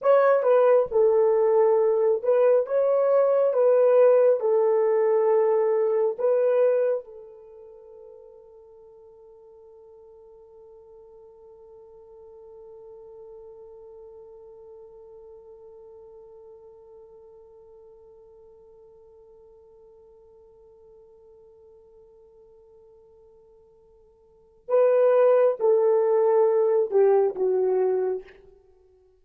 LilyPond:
\new Staff \with { instrumentName = "horn" } { \time 4/4 \tempo 4 = 68 cis''8 b'8 a'4. b'8 cis''4 | b'4 a'2 b'4 | a'1~ | a'1~ |
a'1~ | a'1~ | a'1 | b'4 a'4. g'8 fis'4 | }